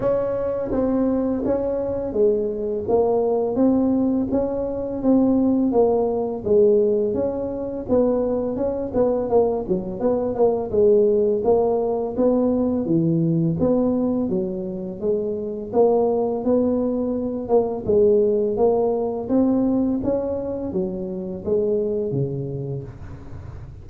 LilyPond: \new Staff \with { instrumentName = "tuba" } { \time 4/4 \tempo 4 = 84 cis'4 c'4 cis'4 gis4 | ais4 c'4 cis'4 c'4 | ais4 gis4 cis'4 b4 | cis'8 b8 ais8 fis8 b8 ais8 gis4 |
ais4 b4 e4 b4 | fis4 gis4 ais4 b4~ | b8 ais8 gis4 ais4 c'4 | cis'4 fis4 gis4 cis4 | }